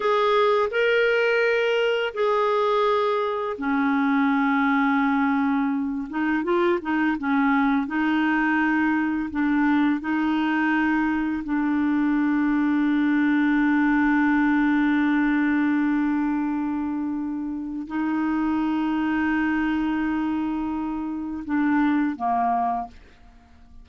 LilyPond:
\new Staff \with { instrumentName = "clarinet" } { \time 4/4 \tempo 4 = 84 gis'4 ais'2 gis'4~ | gis'4 cis'2.~ | cis'8 dis'8 f'8 dis'8 cis'4 dis'4~ | dis'4 d'4 dis'2 |
d'1~ | d'1~ | d'4 dis'2.~ | dis'2 d'4 ais4 | }